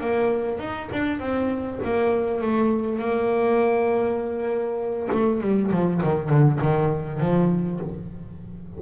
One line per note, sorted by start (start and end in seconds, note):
0.00 0.59 A#3
0.59 0.89 D#4
0.92 1.19 D4
1.19 1.79 C4
1.84 2.41 A#3
2.41 2.98 A3
2.98 5.08 A#3
5.11 5.40 A3
5.40 5.70 G3
5.71 6.01 F3
6.03 6.29 D#3
6.29 6.59 D3
6.61 7.19 D#3
7.19 7.79 F3